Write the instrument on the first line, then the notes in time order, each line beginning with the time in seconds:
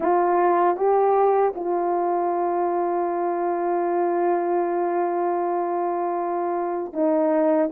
horn
0.00 F4
0.76 G4
1.55 F4
6.93 D#4